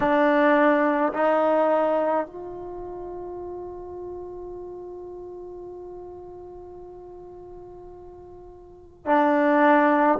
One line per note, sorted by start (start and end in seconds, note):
0.00 1.13 D4
1.13 2.26 D#4
2.26 9.05 F4
9.05 10.18 D4